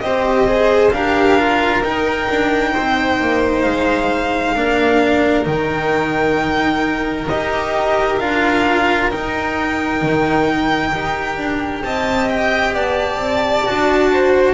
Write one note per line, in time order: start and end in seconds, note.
0.00 0.92 C4
0.00 0.47 G4
0.00 0.94 C5
0.00 0.91 D#5
0.47 0.92 G#4
0.91 1.82 D4
0.91 1.38 G4
0.91 2.73 A#4
0.91 1.82 F5
1.38 1.83 F4
1.82 2.28 D#4
1.82 4.55 D#4
1.82 3.62 G5
2.30 2.75 D4
2.73 3.20 C4
2.73 4.55 C5
3.20 3.65 A#3
3.62 4.55 G#3
3.62 5.44 F5
4.55 5.46 A#3
4.55 5.44 D4
4.55 11.83 A#4
5.44 7.28 D#3
5.44 7.26 D#4
5.44 7.28 G5
7.28 8.20 D#4
7.28 8.20 G4
7.28 8.19 D#5
8.19 9.11 D4
8.19 9.10 F4
8.19 9.10 F5
9.10 10.92 D#4
9.10 10.02 D#4
9.10 11.83 G5
10.02 10.93 D#3
10.92 11.37 D#4
10.92 13.65 G4
11.37 11.82 D4
11.83 12.74 C4
11.83 12.74 D#5
11.83 12.28 A5
12.29 12.74 G5
12.74 13.16 B3
12.74 14.10 D5
12.74 14.54 A5
13.16 13.62 C4
13.65 14.54 D4
13.65 14.54 F#4
14.12 14.54 C5